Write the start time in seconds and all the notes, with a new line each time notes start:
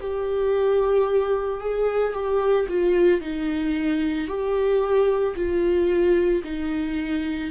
0.00 G4
1.60 G#4
2.13 G4
2.68 F4
3.20 D#4
4.27 G4
5.35 F4
6.43 D#4